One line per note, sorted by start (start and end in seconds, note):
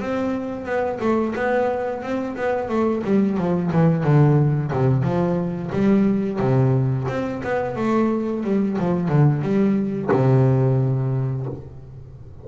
0.00 0.65 C4
0.65 0.99 B3
1.00 1.34 A3
1.35 2.02 B3
2.02 2.36 C4
2.36 2.68 B3
2.68 3.02 A3
3.04 3.37 G3
3.37 3.70 F3
3.71 4.04 E3
4.04 4.71 D3
4.73 5.03 C3
5.03 5.70 F3
5.72 6.39 G3
6.39 7.07 C3
7.08 7.41 C4
7.43 7.76 B3
7.76 8.43 A3
8.43 8.77 G3
8.78 9.08 F3
9.08 9.42 D3
9.42 10.09 G3
10.11 11.46 C3